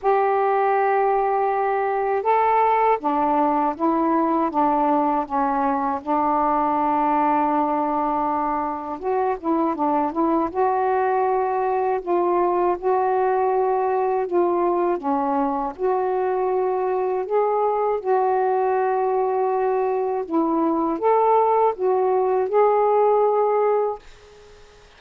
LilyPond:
\new Staff \with { instrumentName = "saxophone" } { \time 4/4 \tempo 4 = 80 g'2. a'4 | d'4 e'4 d'4 cis'4 | d'1 | fis'8 e'8 d'8 e'8 fis'2 |
f'4 fis'2 f'4 | cis'4 fis'2 gis'4 | fis'2. e'4 | a'4 fis'4 gis'2 | }